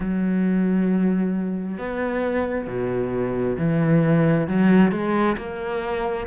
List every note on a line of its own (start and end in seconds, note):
0.00 1.77 F#3
1.77 2.67 B3
2.67 3.57 B2
3.57 4.47 E3
4.47 4.91 F#3
4.91 5.36 G#3
5.37 6.26 A#3